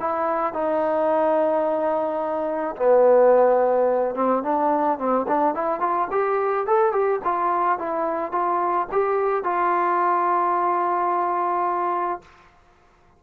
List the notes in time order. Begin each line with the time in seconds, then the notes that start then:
0.00 E4
0.54 D#4
2.77 B3
4.15 C4
4.43 D4
4.99 C4
5.28 D4
5.55 E4
5.80 F4
6.11 G4
6.67 A4
6.92 G4
7.24 F4
7.79 E4
8.32 F4
8.92 G4
9.44 F4